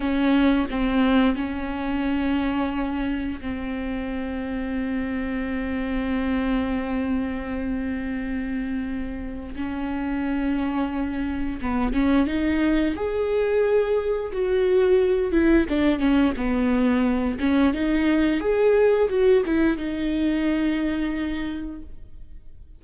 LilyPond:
\new Staff \with { instrumentName = "viola" } { \time 4/4 \tempo 4 = 88 cis'4 c'4 cis'2~ | cis'4 c'2.~ | c'1~ | c'2 cis'2~ |
cis'4 b8 cis'8 dis'4 gis'4~ | gis'4 fis'4. e'8 d'8 cis'8 | b4. cis'8 dis'4 gis'4 | fis'8 e'8 dis'2. | }